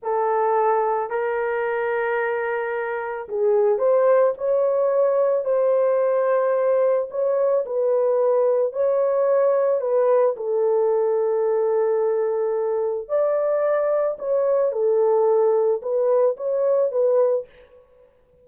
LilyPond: \new Staff \with { instrumentName = "horn" } { \time 4/4 \tempo 4 = 110 a'2 ais'2~ | ais'2 gis'4 c''4 | cis''2 c''2~ | c''4 cis''4 b'2 |
cis''2 b'4 a'4~ | a'1 | d''2 cis''4 a'4~ | a'4 b'4 cis''4 b'4 | }